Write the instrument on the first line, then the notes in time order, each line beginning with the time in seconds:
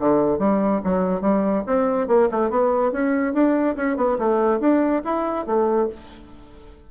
bassoon
0.00 D3
0.39 G3
0.84 F#3
1.22 G3
1.67 C4
2.08 A#3
2.32 A3
2.50 B3
2.92 C#4
3.34 D4
3.77 C#4
3.97 B3
4.19 A3
4.60 D4
5.05 E4
5.47 A3